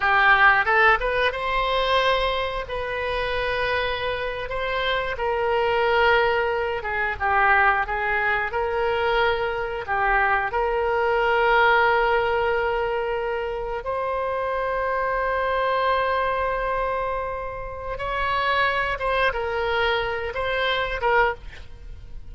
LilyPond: \new Staff \with { instrumentName = "oboe" } { \time 4/4 \tempo 4 = 90 g'4 a'8 b'8 c''2 | b'2~ b'8. c''4 ais'16~ | ais'2~ ais'16 gis'8 g'4 gis'16~ | gis'8. ais'2 g'4 ais'16~ |
ais'1~ | ais'8. c''2.~ c''16~ | c''2. cis''4~ | cis''8 c''8 ais'4. c''4 ais'8 | }